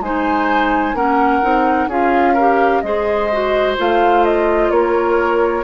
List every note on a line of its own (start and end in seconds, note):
0.00 0.93 G#3
0.00 0.95 D#4
0.00 0.96 C5
0.00 0.95 G#5
0.93 1.40 A#3
0.93 1.42 C#4
0.93 1.88 A#4
0.93 1.89 F#5
1.42 1.87 C4
1.42 1.89 D#4
1.87 2.81 C#4
1.87 2.36 F4
1.87 2.33 G#4
1.87 2.81 F5
2.33 2.84 G4
2.33 2.80 A#4
2.81 3.77 G#3
2.81 3.30 G#4
2.81 4.72 C5
2.81 3.75 D#5
3.32 3.77 F#4
3.77 4.70 A3
3.77 5.63 F4
3.77 4.24 F5
4.24 4.71 D#5
4.70 5.63 A#3
4.70 5.63 A#4
4.70 5.63 C#5